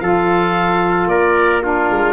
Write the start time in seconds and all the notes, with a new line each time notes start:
0.00 F3 F4 A4 F5
1.07 A#3 A#4 D5
1.61 D4 F4 A#4
1.90 G#3